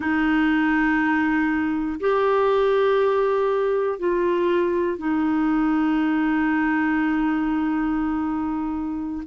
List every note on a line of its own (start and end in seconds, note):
0.00 2.00 D#4
2.00 3.99 G4
3.99 4.98 F4
4.98 9.23 D#4